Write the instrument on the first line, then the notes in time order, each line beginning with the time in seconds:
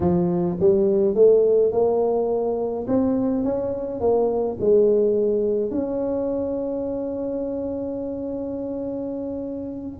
tuba
0.00 F3
0.60 G3
1.15 A3
1.72 A#3
2.87 C4
3.44 C#4
4.00 A#3
4.59 G#3
5.71 C#4